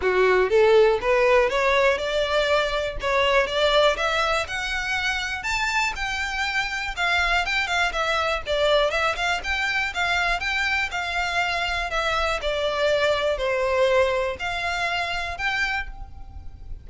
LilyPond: \new Staff \with { instrumentName = "violin" } { \time 4/4 \tempo 4 = 121 fis'4 a'4 b'4 cis''4 | d''2 cis''4 d''4 | e''4 fis''2 a''4 | g''2 f''4 g''8 f''8 |
e''4 d''4 e''8 f''8 g''4 | f''4 g''4 f''2 | e''4 d''2 c''4~ | c''4 f''2 g''4 | }